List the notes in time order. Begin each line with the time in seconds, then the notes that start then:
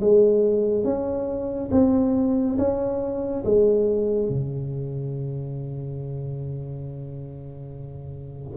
0.00 G#3
0.84 C#4
1.71 C4
2.58 C#4
3.44 G#3
4.29 C#3